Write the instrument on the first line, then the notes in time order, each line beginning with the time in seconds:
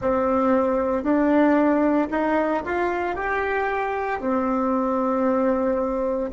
bassoon
0.00 C4
1.02 D4
2.10 D#4
2.64 F4
3.15 G4
4.20 C4